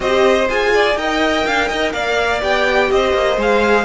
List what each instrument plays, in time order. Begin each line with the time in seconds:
0.00 cello C4, viola G4, violin C5 D#5
0.48 cello F4, viola G#4, violin G#5
0.74 violin D5
0.95 cello D#4, viola A#4, violin D#5 G5
1.46 cello D4, violin F5
1.67 cello D#4, violin D#5
1.92 cello A#3, violin D5 F5
2.40 cello B3, viola G4, violin G5
2.91 cello C4, violin C5 D#5
3.13 cello A#3
3.37 cello G#3, viola G#4, violin F5